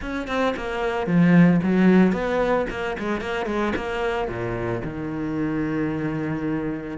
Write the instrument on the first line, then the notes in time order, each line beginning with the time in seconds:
cello
0.01 C#4
0.27 C4
0.56 A#3
1.06 F3
1.62 F#3
2.12 B3
2.70 A#3
2.98 G#3
3.20 A#3
3.46 G#3
3.75 A#3
4.28 A#2
4.84 D#3